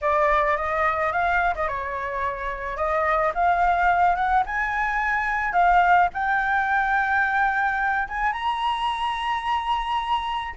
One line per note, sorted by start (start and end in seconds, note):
0.01 0.56 D5
0.56 1.12 D#5
1.12 1.54 F5
1.55 1.68 D#5
1.68 2.76 C#5
2.76 3.32 D#5
3.34 4.15 F5
4.15 4.43 F#5
4.46 5.53 G#5
5.53 6.08 F5
6.13 8.08 G5
8.08 8.32 G#5
8.32 10.54 A#5